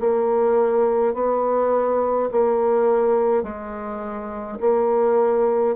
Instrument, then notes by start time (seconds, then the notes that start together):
bassoon
0.00 A#3
1.14 B3
2.31 A#3
3.43 G#3
4.60 A#3